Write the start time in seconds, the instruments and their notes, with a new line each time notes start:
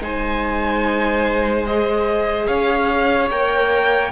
0.00 cello G#3, viola D#4, violin C5 G#5
1.66 viola G#4, violin D#5
2.47 cello C#4, violin C#5 F5
3.30 cello A#3, viola A#4, violin G5